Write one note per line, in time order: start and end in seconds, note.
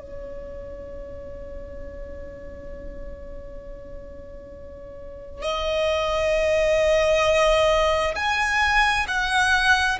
0.00 5.42 C#5
5.42 8.15 D#5
8.16 9.07 G#5
9.08 9.99 F#5